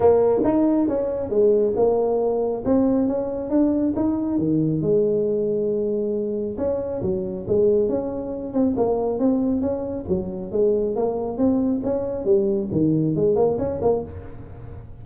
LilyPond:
\new Staff \with { instrumentName = "tuba" } { \time 4/4 \tempo 4 = 137 ais4 dis'4 cis'4 gis4 | ais2 c'4 cis'4 | d'4 dis'4 dis4 gis4~ | gis2. cis'4 |
fis4 gis4 cis'4. c'8 | ais4 c'4 cis'4 fis4 | gis4 ais4 c'4 cis'4 | g4 dis4 gis8 ais8 cis'8 ais8 | }